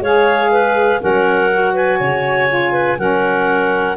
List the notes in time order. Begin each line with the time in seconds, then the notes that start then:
0.00 G#3 G#4 C#5 F5
0.51 B4
1.00 F#3 C#4 A#4 F#5
1.51 F#4
1.73 B4 G#5
1.99 C#3 C#5
2.48 F4
2.72 B4
2.98 F#3 C#4 A#4 F#5